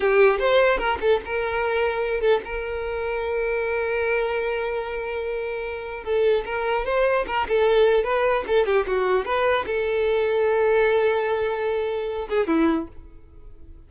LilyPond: \new Staff \with { instrumentName = "violin" } { \time 4/4 \tempo 4 = 149 g'4 c''4 ais'8 a'8 ais'4~ | ais'4. a'8 ais'2~ | ais'1~ | ais'2. a'4 |
ais'4 c''4 ais'8 a'4. | b'4 a'8 g'8 fis'4 b'4 | a'1~ | a'2~ a'8 gis'8 e'4 | }